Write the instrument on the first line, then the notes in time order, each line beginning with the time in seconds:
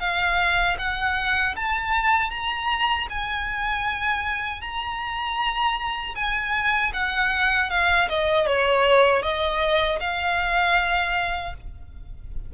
violin
0.00 F5
0.78 F#5
1.56 A5
2.30 A#5
3.09 G#5
4.61 A#5
6.15 G#5
6.93 F#5
7.70 F5
8.09 D#5
8.47 C#5
9.22 D#5
10.00 F5